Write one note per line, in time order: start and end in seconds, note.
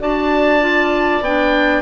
0.00 1.21 D4
0.00 0.61 F#4
0.00 1.83 D5
0.00 1.24 A5
0.61 1.22 F4
1.21 1.82 B3
1.21 1.83 D4
1.21 1.83 G5